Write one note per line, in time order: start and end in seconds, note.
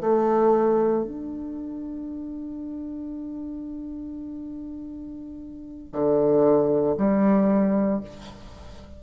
0.00 1.03 A3
1.04 5.92 D4
5.92 6.95 D3
6.97 8.00 G3